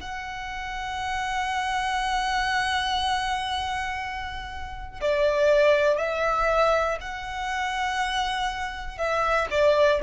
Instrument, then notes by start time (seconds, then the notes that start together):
violin
0.00 F#5
5.00 D5
5.98 E5
7.00 F#5
8.98 E5
9.50 D5